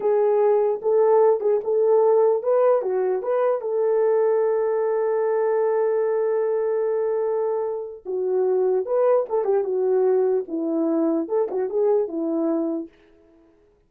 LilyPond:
\new Staff \with { instrumentName = "horn" } { \time 4/4 \tempo 4 = 149 gis'2 a'4. gis'8 | a'2 b'4 fis'4 | b'4 a'2.~ | a'1~ |
a'1 | fis'2 b'4 a'8 g'8 | fis'2 e'2 | a'8 fis'8 gis'4 e'2 | }